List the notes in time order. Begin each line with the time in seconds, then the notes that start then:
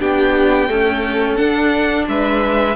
0.00 B3 D4 G4 G5
0.68 A3 C#4 A4
1.36 D4 F#5
2.07 G#3 B4 E5